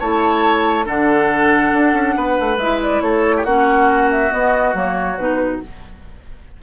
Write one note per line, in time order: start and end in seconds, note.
0.00 0.87 A3
0.00 0.85 E4
0.00 0.86 C#5
0.00 0.87 A5
0.85 1.73 D3
0.85 2.58 D4
0.85 2.16 A4
0.85 2.59 F#5
1.73 1.93 D4
1.93 2.15 C#4
2.17 2.39 B3
2.17 3.03 B4
2.40 2.58 A3
2.58 3.01 G#3
2.58 3.47 E4
2.58 2.80 E5
2.83 3.02 D5
3.02 3.45 A3
3.02 3.36 A4
3.02 3.45 C#5
3.37 3.45 G4
3.45 4.31 A#3
3.45 4.30 C#4
3.45 5.61 F#4
3.45 4.10 F#5
4.11 4.32 E5
4.30 4.74 B3
4.30 4.75 B3
4.30 4.75 D#5
4.74 5.17 F#3
4.74 5.17 A#3
4.74 5.18 C#5
5.17 5.60 B2
5.17 5.63 D#4
5.17 5.61 B4